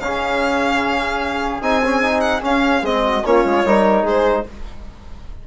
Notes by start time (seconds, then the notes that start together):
0.00 C#3 C#4 G#4 F5
1.61 C4 D#4 G#5
1.85 C#4
2.03 D#4
2.21 F#5
2.42 C#4 F5
2.82 G#3 C4 D#5
3.03 F#4
3.25 A#3 C#4 F4 C#5
3.45 G#3
3.65 G3 D#4 A#4
4.03 G#3 G#4 C5